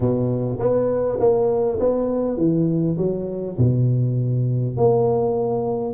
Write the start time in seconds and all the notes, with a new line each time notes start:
0.00 B2
0.59 B3
1.19 A#3
1.79 B3
2.37 E3
2.97 F#3
3.58 B2
4.77 A#3